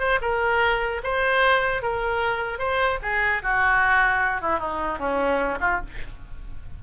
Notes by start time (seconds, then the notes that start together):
0.00 C5
0.22 A#4
1.04 C5
1.83 A#4
2.59 C5
3.03 G#4
3.43 F#4
4.42 E4
4.60 D#4
4.99 C#4
5.61 F4